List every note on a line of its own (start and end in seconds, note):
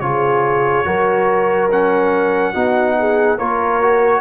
0.00 0.85 C#3
0.00 0.85 F4
0.00 0.86 G#4
0.00 1.69 C#5
0.85 2.55 F#3
0.85 1.69 F#4
0.85 2.54 A#4
1.71 2.54 C#4
1.71 3.39 F#5
2.54 3.38 B3
2.54 3.38 D#4
2.54 2.96 F#4
2.99 3.38 G#4
3.38 4.21 A#3
3.38 3.81 F4
3.38 4.21 A#4
3.38 4.21 C#5
3.82 4.21 F#4